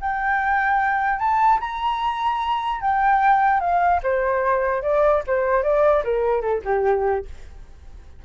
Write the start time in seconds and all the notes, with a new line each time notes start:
0.00 G5
1.19 A5
1.60 A#5
2.81 G5
3.60 F5
4.03 C5
4.82 D5
5.26 C5
5.63 D5
6.04 A#4
6.41 A4
6.64 G4